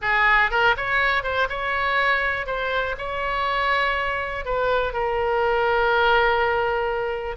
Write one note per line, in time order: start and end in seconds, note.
0.01 0.50 G#4
0.50 0.75 A#4
0.76 1.23 C#5
1.23 1.48 C5
1.49 2.46 C#5
2.46 2.95 C5
2.98 4.45 C#5
4.45 4.93 B4
4.93 7.36 A#4